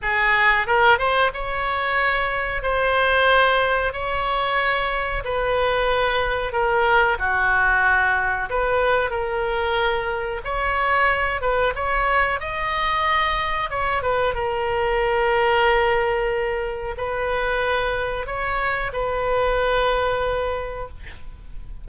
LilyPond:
\new Staff \with { instrumentName = "oboe" } { \time 4/4 \tempo 4 = 92 gis'4 ais'8 c''8 cis''2 | c''2 cis''2 | b'2 ais'4 fis'4~ | fis'4 b'4 ais'2 |
cis''4. b'8 cis''4 dis''4~ | dis''4 cis''8 b'8 ais'2~ | ais'2 b'2 | cis''4 b'2. | }